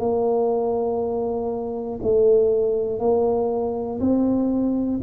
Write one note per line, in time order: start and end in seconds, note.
0.00 2.00 A#3
2.03 3.00 A3
3.00 4.00 A#3
4.01 5.01 C4